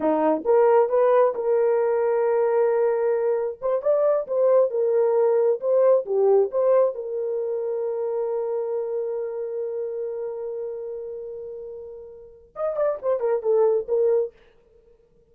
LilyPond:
\new Staff \with { instrumentName = "horn" } { \time 4/4 \tempo 4 = 134 dis'4 ais'4 b'4 ais'4~ | ais'1 | c''8 d''4 c''4 ais'4.~ | ais'8 c''4 g'4 c''4 ais'8~ |
ais'1~ | ais'1~ | ais'1 | dis''8 d''8 c''8 ais'8 a'4 ais'4 | }